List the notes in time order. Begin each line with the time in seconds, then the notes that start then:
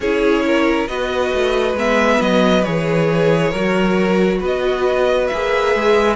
0.00 C#4 E4 G#4 C#5
0.45 A#4
0.87 B3 F#4 B4 D#5
1.34 A3
1.73 G#3 B3 E5
2.20 F#3 D#5
2.63 E3 G#4 C#5
3.50 F#3 A#4
3.56 F#4
4.39 B3 B4 D#5
5.27 A#3 G#4 E5
5.74 G#3